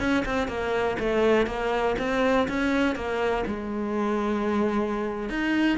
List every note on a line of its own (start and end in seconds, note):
0.00 0.25 C#4
0.26 0.48 C4
0.48 0.97 A#3
1.00 1.47 A3
1.47 1.96 A#3
1.99 2.48 C4
2.49 2.96 C#4
2.96 3.45 A#3
3.47 5.30 G#3
5.30 5.79 D#4